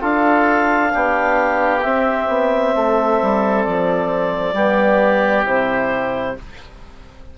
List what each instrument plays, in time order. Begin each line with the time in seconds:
0.00 bassoon D4, trombone F4, oboe A4, clarinet F5
0.89 trombone D4, oboe G4
0.95 bassoon B3
1.82 trombone C4, bassoon C4, clarinet E5
2.28 bassoon B3
2.75 bassoon A3, oboe A4
3.22 bassoon G3
3.63 bassoon F3, clarinet D5
4.53 bassoon G3, trombone B3, oboe G4
5.45 bassoon C3, trombone E4, clarinet C5